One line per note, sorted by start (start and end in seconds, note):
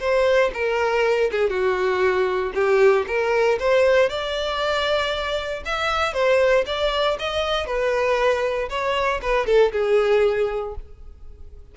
0.00 0.51 C5
0.54 1.31 A#4
1.32 1.50 G#4
1.50 2.53 F#4
2.55 3.06 G4
3.07 3.59 A#4
3.59 4.10 C5
4.10 5.64 D5
5.65 6.14 E5
6.14 6.65 C5
6.66 7.18 D5
7.19 7.67 D#5
7.67 8.69 B4
8.70 9.21 C#5
9.22 9.46 B4
9.46 9.72 A4
9.73 10.75 G#4